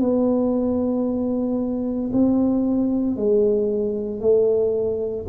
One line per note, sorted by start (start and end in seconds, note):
0.00 2.11 B3
2.12 3.16 C4
3.16 4.20 G#3
4.20 5.25 A3